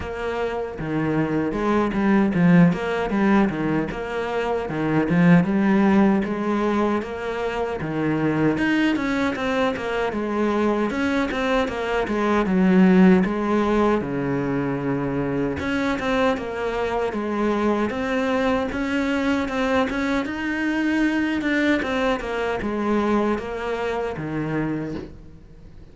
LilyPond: \new Staff \with { instrumentName = "cello" } { \time 4/4 \tempo 4 = 77 ais4 dis4 gis8 g8 f8 ais8 | g8 dis8 ais4 dis8 f8 g4 | gis4 ais4 dis4 dis'8 cis'8 | c'8 ais8 gis4 cis'8 c'8 ais8 gis8 |
fis4 gis4 cis2 | cis'8 c'8 ais4 gis4 c'4 | cis'4 c'8 cis'8 dis'4. d'8 | c'8 ais8 gis4 ais4 dis4 | }